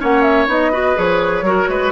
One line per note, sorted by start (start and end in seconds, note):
0.00 0.47 A#3
0.00 0.48 C#4
0.00 0.72 C#5
0.00 0.22 F#5
0.22 0.46 E5
0.47 0.96 B3
0.47 0.72 D#4
0.47 0.99 D#5
0.72 0.95 F#4
0.72 1.45 B4
0.95 1.42 F3
0.95 1.44 G#4
0.95 1.92 C#5
1.42 1.66 F#3
1.42 1.92 F#4
1.42 1.70 A#4
1.69 1.92 G#3
1.69 1.92 B4